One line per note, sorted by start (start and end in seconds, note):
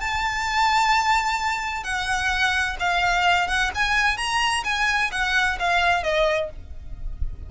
0.00 1.84 A5
1.84 2.77 F#5
2.79 3.48 F5
3.48 3.71 F#5
3.75 4.17 G#5
4.17 4.64 A#5
4.64 5.11 G#5
5.12 5.58 F#5
5.59 6.03 F5
6.03 6.50 D#5